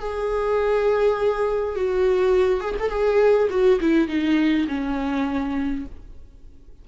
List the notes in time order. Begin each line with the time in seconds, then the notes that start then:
0.00 G#4
1.76 F#4
2.60 G#4
2.80 A4
2.90 G#4
3.50 F#4
3.81 E4
4.08 D#4
4.68 C#4